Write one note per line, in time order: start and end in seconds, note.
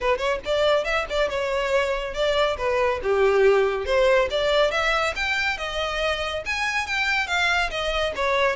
0.00 0.17 B4
0.17 0.39 C#5
0.45 0.84 D5
0.84 1.05 E5
1.09 1.29 D5
1.29 2.14 C#5
2.14 2.57 D5
2.57 3.00 B4
3.02 3.85 G4
3.85 4.28 C5
4.30 4.71 D5
4.71 5.14 E5
5.15 5.57 G5
5.57 6.43 D#5
6.45 6.86 G#5
6.86 7.27 G5
7.27 7.70 F5
7.70 8.13 D#5
8.15 8.56 C#5